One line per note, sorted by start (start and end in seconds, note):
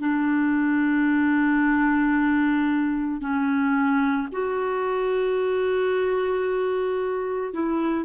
0.00 3.21 D4
3.21 4.28 C#4
4.32 7.53 F#4
7.53 8.05 E4